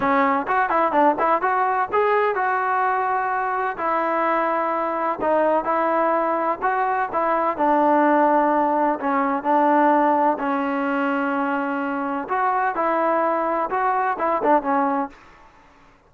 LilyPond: \new Staff \with { instrumentName = "trombone" } { \time 4/4 \tempo 4 = 127 cis'4 fis'8 e'8 d'8 e'8 fis'4 | gis'4 fis'2. | e'2. dis'4 | e'2 fis'4 e'4 |
d'2. cis'4 | d'2 cis'2~ | cis'2 fis'4 e'4~ | e'4 fis'4 e'8 d'8 cis'4 | }